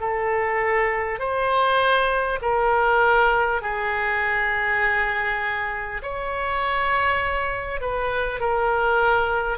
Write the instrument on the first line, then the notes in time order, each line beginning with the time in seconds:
oboe
0.00 A4
1.19 C5
2.41 A#4
3.61 G#4
6.02 C#5
7.81 B4
8.39 A#4